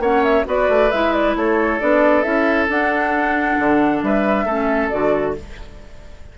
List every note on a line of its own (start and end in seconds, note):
0.00 0.44 A#3
0.00 0.46 C#4
0.00 0.46 C#5
0.00 0.24 F#5
0.24 0.46 E5
0.46 0.69 B3
0.46 0.90 F#4
0.46 1.37 B4
0.46 0.92 D5
0.69 0.91 A3
0.92 1.36 G#3
0.92 1.80 E4
0.92 1.13 E5
1.13 1.36 D5
1.36 1.81 A3
1.36 4.05 A4
1.36 1.80 C#5
1.80 2.26 B3
1.80 2.24 D4
1.80 2.23 D5
2.23 2.69 C#4
2.23 2.68 E4
2.23 2.67 E5
2.69 3.58 D4
2.69 4.47 D4
2.69 4.03 F#5
3.59 4.03 D3
4.03 4.46 G3
4.03 4.46 B4
4.03 4.90 E5
4.46 4.90 A3
4.46 4.92 C#4
4.46 5.35 A4
4.90 5.38 D3
4.90 5.36 F#4
4.90 5.34 D5